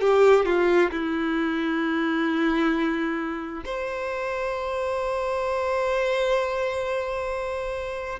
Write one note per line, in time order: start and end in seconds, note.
0.00 0.45 G4
0.45 0.90 F4
0.91 3.64 E4
3.65 8.19 C5